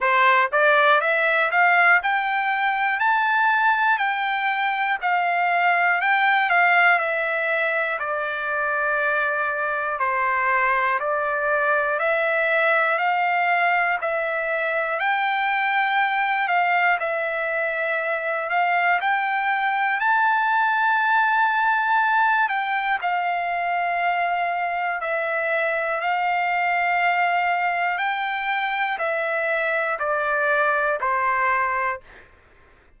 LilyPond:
\new Staff \with { instrumentName = "trumpet" } { \time 4/4 \tempo 4 = 60 c''8 d''8 e''8 f''8 g''4 a''4 | g''4 f''4 g''8 f''8 e''4 | d''2 c''4 d''4 | e''4 f''4 e''4 g''4~ |
g''8 f''8 e''4. f''8 g''4 | a''2~ a''8 g''8 f''4~ | f''4 e''4 f''2 | g''4 e''4 d''4 c''4 | }